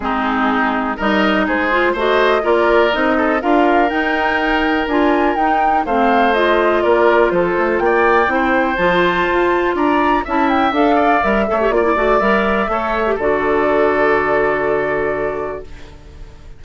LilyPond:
<<
  \new Staff \with { instrumentName = "flute" } { \time 4/4 \tempo 4 = 123 gis'2 dis''4 c''4 | dis''4 d''4 dis''4 f''4 | g''2 gis''4 g''4 | f''4 dis''4 d''4 c''4 |
g''2 a''2 | ais''4 a''8 g''8 f''4 e''4 | d''4 e''2 d''4~ | d''1 | }
  \new Staff \with { instrumentName = "oboe" } { \time 4/4 dis'2 ais'4 gis'4 | c''4 ais'4. a'8 ais'4~ | ais'1 | c''2 ais'4 a'4 |
d''4 c''2. | d''4 e''4. d''4 cis''8 | d''2 cis''4 a'4~ | a'1 | }
  \new Staff \with { instrumentName = "clarinet" } { \time 4/4 c'2 dis'4. f'8 | fis'4 f'4 dis'4 f'4 | dis'2 f'4 dis'4 | c'4 f'2.~ |
f'4 e'4 f'2~ | f'4 e'4 a'4 ais'8 a'16 g'16 | f'16 e'16 fis'8 ais'4 a'8. g'16 fis'4~ | fis'1 | }
  \new Staff \with { instrumentName = "bassoon" } { \time 4/4 gis2 g4 gis4 | a4 ais4 c'4 d'4 | dis'2 d'4 dis'4 | a2 ais4 f8 a8 |
ais4 c'4 f4 f'4 | d'4 cis'4 d'4 g8 a8 | ais8 a8 g4 a4 d4~ | d1 | }
>>